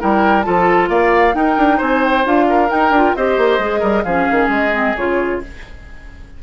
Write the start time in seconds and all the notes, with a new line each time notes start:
0.00 G3 E4 A#4 G5
0.42 F3 F4 A4 A5
0.89 A#3 D5 F5
1.34 D#4 A#4 G5
1.57 D4
1.78 C4 C5 G#5
2.04 G5
2.25 D4 F4 F5
2.50 A#4
2.69 D#4 G5
2.90 D4 F4
3.16 C4 G4 C5 D#5
3.38 A#3
3.59 G#3 G#4
3.80 G3 A#4
4.04 F3 C#4 G#4 F5
4.31 D#3
4.49 G#3 D#5
4.73 C4
4.97 C#3 F4 C#5